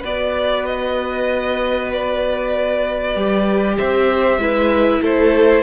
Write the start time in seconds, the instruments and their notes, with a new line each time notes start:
0.00 cello B3, viola F#4, violin B4 D5
0.66 violin D#5
1.93 violin D5
3.15 cello G3, viola G4
3.77 cello C4, violin C5 E5
4.38 cello G#3, viola E4, violin B4
5.02 cello A3, violin A4 C5